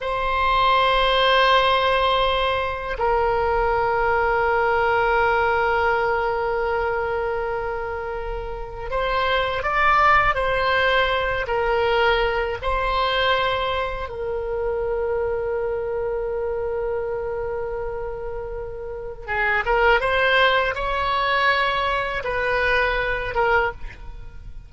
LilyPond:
\new Staff \with { instrumentName = "oboe" } { \time 4/4 \tempo 4 = 81 c''1 | ais'1~ | ais'1 | c''4 d''4 c''4. ais'8~ |
ais'4 c''2 ais'4~ | ais'1~ | ais'2 gis'8 ais'8 c''4 | cis''2 b'4. ais'8 | }